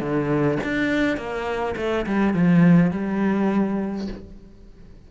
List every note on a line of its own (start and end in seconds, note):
0.00 0.58 D3
0.63 1.17 D4
1.17 1.75 A#3
1.77 2.06 A3
2.06 2.34 G3
2.34 2.91 F3
2.91 4.08 G3